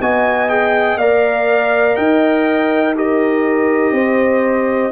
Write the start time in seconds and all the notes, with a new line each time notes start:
0.00 B3 F#4 D#5 G#5
0.49 G#4 G5
0.97 A#3 A#4 D5 F5
1.96 D#4 D#5 G5
2.96 G4 A#4 D#5
3.91 C4 C5